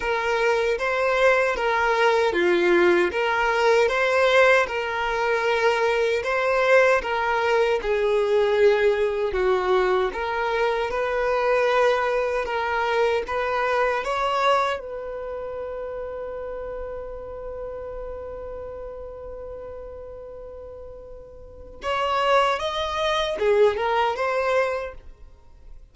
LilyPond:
\new Staff \with { instrumentName = "violin" } { \time 4/4 \tempo 4 = 77 ais'4 c''4 ais'4 f'4 | ais'4 c''4 ais'2 | c''4 ais'4 gis'2 | fis'4 ais'4 b'2 |
ais'4 b'4 cis''4 b'4~ | b'1~ | b'1 | cis''4 dis''4 gis'8 ais'8 c''4 | }